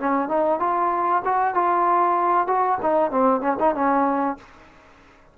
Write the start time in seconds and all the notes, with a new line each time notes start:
0.00 C#4
0.29 D#4
0.60 F4
1.25 F#4
1.55 F4
2.48 F#4
2.82 D#4
3.11 C4
3.41 C#4
3.60 D#4
3.75 C#4